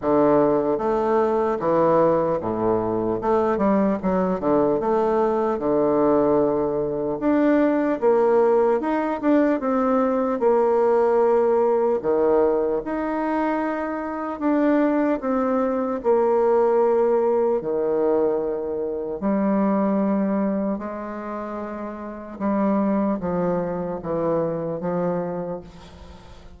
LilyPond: \new Staff \with { instrumentName = "bassoon" } { \time 4/4 \tempo 4 = 75 d4 a4 e4 a,4 | a8 g8 fis8 d8 a4 d4~ | d4 d'4 ais4 dis'8 d'8 | c'4 ais2 dis4 |
dis'2 d'4 c'4 | ais2 dis2 | g2 gis2 | g4 f4 e4 f4 | }